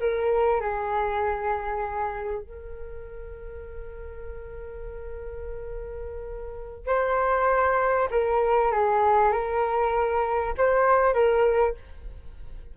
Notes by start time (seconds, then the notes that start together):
0.00 A#4
0.61 G#4
2.43 A#4
6.87 C5
8.11 A#4
8.72 G#4
9.32 A#4
10.58 C5
11.14 A#4